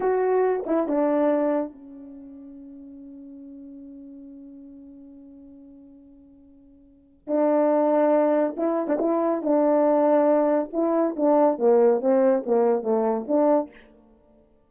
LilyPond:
\new Staff \with { instrumentName = "horn" } { \time 4/4 \tempo 4 = 140 fis'4. e'8 d'2 | cis'1~ | cis'1~ | cis'1~ |
cis'4 d'2. | e'8. d'16 e'4 d'2~ | d'4 e'4 d'4 ais4 | c'4 ais4 a4 d'4 | }